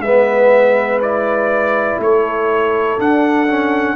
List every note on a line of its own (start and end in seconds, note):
0.00 1.97 G#3
0.00 1.02 B3
0.00 2.01 B4
0.00 1.00 E5
1.02 2.99 E4
1.02 2.01 D5
1.99 2.98 A3
1.99 3.97 A4
1.99 3.01 C#5
2.99 3.48 D4
2.99 3.97 D4
2.99 3.97 F#5
3.48 3.97 C#4